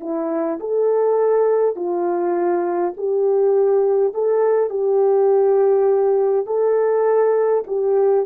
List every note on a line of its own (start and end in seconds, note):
0.00 0.59 E4
0.59 1.75 A4
1.75 2.93 F4
2.97 4.13 G4
4.13 4.70 A4
4.70 6.46 G4
6.46 7.64 A4
7.67 8.26 G4